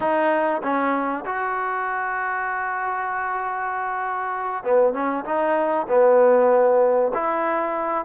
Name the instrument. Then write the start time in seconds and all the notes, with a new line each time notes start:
trombone
0.00 D#4
0.62 C#4
1.25 F#4
4.64 B3
4.93 C#4
5.24 D#4
5.88 B3
7.14 E4